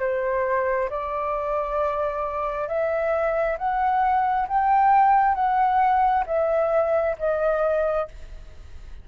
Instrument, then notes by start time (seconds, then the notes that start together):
flute
0.00 C5
0.90 D5
2.68 E5
3.59 F#5
4.48 G5
5.35 F#5
6.27 E5
7.19 D#5